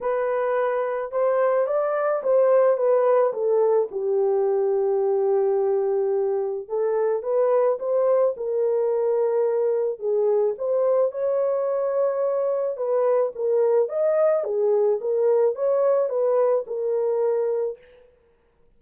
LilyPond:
\new Staff \with { instrumentName = "horn" } { \time 4/4 \tempo 4 = 108 b'2 c''4 d''4 | c''4 b'4 a'4 g'4~ | g'1 | a'4 b'4 c''4 ais'4~ |
ais'2 gis'4 c''4 | cis''2. b'4 | ais'4 dis''4 gis'4 ais'4 | cis''4 b'4 ais'2 | }